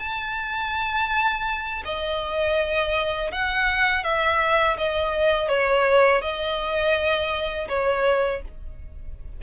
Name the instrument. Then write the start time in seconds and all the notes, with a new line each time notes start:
violin
0.00 A5
1.85 D#5
3.32 F#5
4.04 E5
4.78 D#5
5.49 C#5
6.22 D#5
7.69 C#5